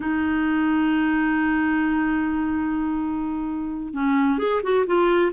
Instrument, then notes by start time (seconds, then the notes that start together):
clarinet
0.00 D#4
3.93 C#4
4.38 G#4
4.63 F#4
4.86 F4